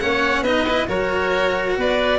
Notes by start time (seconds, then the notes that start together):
0.00 A#3 C#4 C#5 F#5
0.42 B3 D#4 B4 D#5
0.69 E4
0.87 F#3 F#4 A#4 C#5
1.77 B3 B4 D5